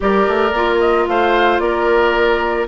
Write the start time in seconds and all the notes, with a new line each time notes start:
0.00 G3 G4 A#4 D5
0.27 A3
0.52 A#3 F4
0.79 D#5
1.07 A3 C5 F5
1.59 A#3 A#4 D5